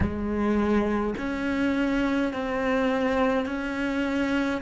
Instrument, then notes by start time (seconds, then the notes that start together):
cello
0.00 G#3
1.17 C#4
2.33 C4
3.45 C#4